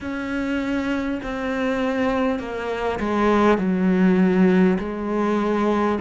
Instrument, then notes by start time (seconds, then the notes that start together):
cello
0.00 C#4
1.23 C4
2.39 A#3
2.99 G#3
3.58 F#3
4.78 G#3